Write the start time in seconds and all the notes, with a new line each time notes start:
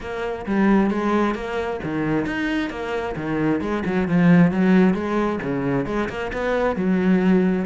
0.00 A#3
0.46 G3
0.90 G#3
1.35 A#3
1.83 D#3
2.26 D#4
2.70 A#3
3.16 D#3
3.60 G#3
3.85 F#3
4.07 F3
4.51 F#3
4.94 G#3
5.42 C#3
5.86 G#3
6.09 A#3
6.32 B3
6.76 F#3